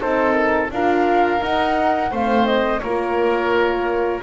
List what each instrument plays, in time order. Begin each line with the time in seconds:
0.00 double bass C4, horn D#4, oboe A4, flute C5
0.32 flute A#4
0.71 double bass D4, horn F4, oboe A#4, flute F5
1.40 horn D#4, double bass D#4, flute F#5
2.11 double bass A3, horn C4, oboe C5, flute F5
2.46 flute D#5
2.79 double bass A#3, horn F4, oboe A#4, flute C#5